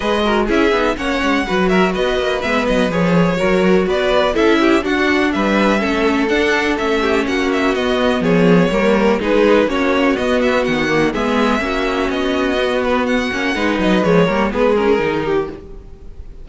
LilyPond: <<
  \new Staff \with { instrumentName = "violin" } { \time 4/4 \tempo 4 = 124 dis''4 e''4 fis''4. e''8 | dis''4 e''8 dis''8 cis''2 | d''4 e''4 fis''4 e''4~ | e''4 fis''4 e''4 fis''8 e''8 |
dis''4 cis''2 b'4 | cis''4 dis''8 e''8 fis''4 e''4~ | e''4 dis''4. b'8 fis''4~ | fis''8 dis''8 cis''4 b'8 ais'4. | }
  \new Staff \with { instrumentName = "violin" } { \time 4/4 b'8 ais'8 gis'4 cis''4 b'8 ais'8 | b'2. ais'4 | b'4 a'8 g'8 fis'4 b'4 | a'2~ a'8 g'8 fis'4~ |
fis'4 gis'4 ais'4 gis'4 | fis'2. gis'4 | fis'1 | b'4. ais'8 gis'4. g'8 | }
  \new Staff \with { instrumentName = "viola" } { \time 4/4 gis'8 fis'8 e'8 dis'8 cis'4 fis'4~ | fis'4 b4 gis'4 fis'4~ | fis'4 e'4 d'2 | cis'4 d'4 cis'2 |
b2 ais4 dis'4 | cis'4 b4. ais8 b4 | cis'2 b4. cis'8 | dis'4 gis8 ais8 b8 cis'8 dis'4 | }
  \new Staff \with { instrumentName = "cello" } { \time 4/4 gis4 cis'8 b8 ais8 gis8 fis4 | b8 ais8 gis8 fis8 f4 fis4 | b4 cis'4 d'4 g4 | a4 d'4 a4 ais4 |
b4 f4 g4 gis4 | ais4 b4 dis4 gis4 | ais4 b2~ b8 ais8 | gis8 fis8 f8 g8 gis4 dis4 | }
>>